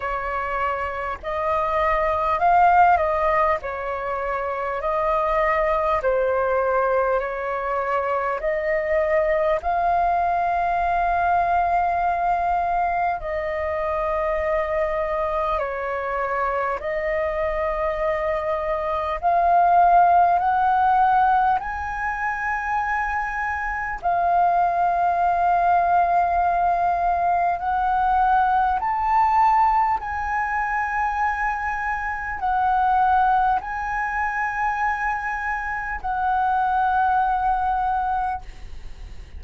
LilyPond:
\new Staff \with { instrumentName = "flute" } { \time 4/4 \tempo 4 = 50 cis''4 dis''4 f''8 dis''8 cis''4 | dis''4 c''4 cis''4 dis''4 | f''2. dis''4~ | dis''4 cis''4 dis''2 |
f''4 fis''4 gis''2 | f''2. fis''4 | a''4 gis''2 fis''4 | gis''2 fis''2 | }